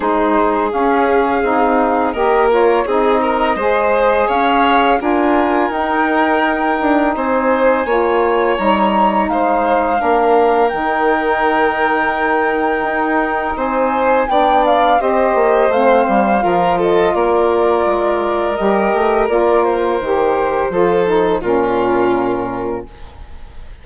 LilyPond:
<<
  \new Staff \with { instrumentName = "flute" } { \time 4/4 \tempo 4 = 84 c''4 f''2 dis''8 cis''8 | dis''2 f''4 gis''4 | g''2 gis''2 | ais''4 f''2 g''4~ |
g''2. gis''4 | g''8 f''8 dis''4 f''4. dis''8 | d''2 dis''4 d''8 c''8~ | c''2 ais'2 | }
  \new Staff \with { instrumentName = "violin" } { \time 4/4 gis'2. ais'4 | gis'8 ais'8 c''4 cis''4 ais'4~ | ais'2 c''4 cis''4~ | cis''4 c''4 ais'2~ |
ais'2. c''4 | d''4 c''2 ais'8 a'8 | ais'1~ | ais'4 a'4 f'2 | }
  \new Staff \with { instrumentName = "saxophone" } { \time 4/4 dis'4 cis'4 dis'4 g'8 f'8 | dis'4 gis'2 f'4 | dis'2. f'4 | dis'2 d'4 dis'4~ |
dis'1 | d'4 g'4 c'4 f'4~ | f'2 g'4 f'4 | g'4 f'8 dis'8 cis'2 | }
  \new Staff \with { instrumentName = "bassoon" } { \time 4/4 gis4 cis'4 c'4 ais4 | c'4 gis4 cis'4 d'4 | dis'4. d'8 c'4 ais4 | g4 gis4 ais4 dis4~ |
dis2 dis'4 c'4 | b4 c'8 ais8 a8 g8 f4 | ais4 gis4 g8 a8 ais4 | dis4 f4 ais,2 | }
>>